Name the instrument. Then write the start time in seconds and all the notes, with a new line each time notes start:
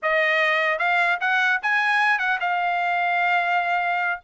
trumpet
0.02 D#5
0.78 F5
1.20 F#5
1.62 G#5
2.19 F#5
2.40 F5